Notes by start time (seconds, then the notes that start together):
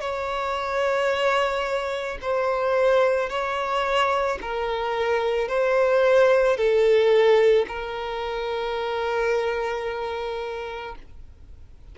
0.00 C#5
2.21 C5
3.29 C#5
4.41 A#4
5.48 C5
6.57 A4
7.68 A#4